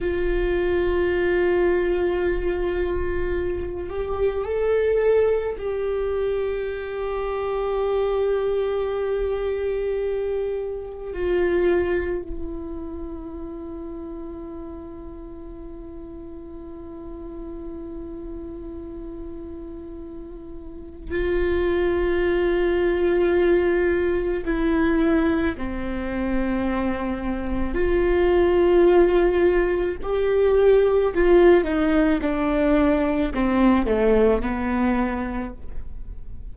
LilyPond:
\new Staff \with { instrumentName = "viola" } { \time 4/4 \tempo 4 = 54 f'2.~ f'8 g'8 | a'4 g'2.~ | g'2 f'4 e'4~ | e'1~ |
e'2. f'4~ | f'2 e'4 c'4~ | c'4 f'2 g'4 | f'8 dis'8 d'4 c'8 a8 b4 | }